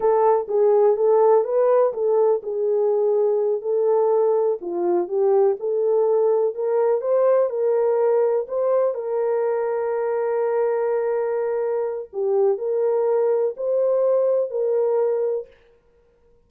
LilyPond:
\new Staff \with { instrumentName = "horn" } { \time 4/4 \tempo 4 = 124 a'4 gis'4 a'4 b'4 | a'4 gis'2~ gis'8 a'8~ | a'4. f'4 g'4 a'8~ | a'4. ais'4 c''4 ais'8~ |
ais'4. c''4 ais'4.~ | ais'1~ | ais'4 g'4 ais'2 | c''2 ais'2 | }